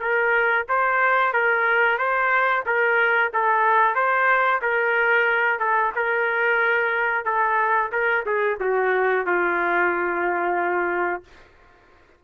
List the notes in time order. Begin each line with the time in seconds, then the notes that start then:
0.00 A#4
0.68 C5
1.33 A#4
1.98 C5
2.66 A#4
3.33 A4
3.95 C5
4.62 A#4
5.59 A4
5.95 A#4
7.25 A4
7.92 A#4
8.26 G#4
8.60 F#4
9.26 F4